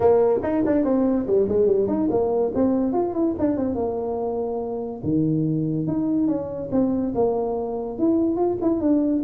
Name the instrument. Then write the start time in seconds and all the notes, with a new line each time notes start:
tuba
0.00 A#3
0.42 D#4
0.65 D4
0.84 C4
1.26 G3
1.48 G#3
1.66 G3
1.87 D#4
2.10 A#3
2.54 C4
2.93 F4
3.14 E4
3.38 D4
3.57 C4
3.75 A#3
5.03 D#3
5.87 D#4
6.27 C#4
6.71 C4
7.14 A#3
7.98 E4
8.36 F4
8.61 E4
8.80 D4